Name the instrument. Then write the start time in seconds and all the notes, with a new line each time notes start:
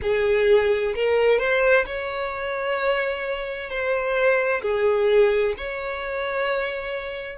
violin
0.02 G#4
0.95 A#4
1.38 C5
1.85 C#5
3.69 C5
4.62 G#4
5.57 C#5